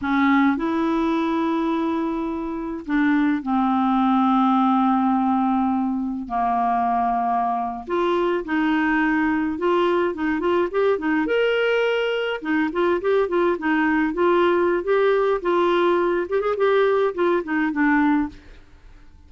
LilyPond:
\new Staff \with { instrumentName = "clarinet" } { \time 4/4 \tempo 4 = 105 cis'4 e'2.~ | e'4 d'4 c'2~ | c'2. ais4~ | ais4.~ ais16 f'4 dis'4~ dis'16~ |
dis'8. f'4 dis'8 f'8 g'8 dis'8 ais'16~ | ais'4.~ ais'16 dis'8 f'8 g'8 f'8 dis'16~ | dis'8. f'4~ f'16 g'4 f'4~ | f'8 g'16 gis'16 g'4 f'8 dis'8 d'4 | }